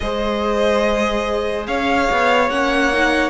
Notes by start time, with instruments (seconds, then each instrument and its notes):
0.00 cello G#3, viola G#4, violin C5 D#5
1.66 cello C#4, violin C#5 F5
2.11 cello B3
2.49 cello A#3, viola C#4, violin F#5
2.92 viola D#4